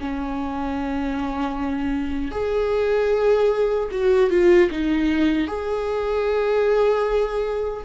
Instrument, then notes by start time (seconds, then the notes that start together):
viola
0.00 C#4
2.31 G#4
3.91 F#4
4.30 F4
4.70 D#4
5.47 G#4